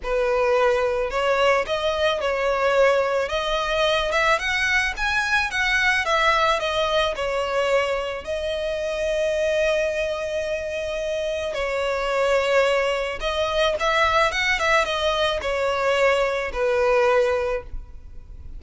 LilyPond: \new Staff \with { instrumentName = "violin" } { \time 4/4 \tempo 4 = 109 b'2 cis''4 dis''4 | cis''2 dis''4. e''8 | fis''4 gis''4 fis''4 e''4 | dis''4 cis''2 dis''4~ |
dis''1~ | dis''4 cis''2. | dis''4 e''4 fis''8 e''8 dis''4 | cis''2 b'2 | }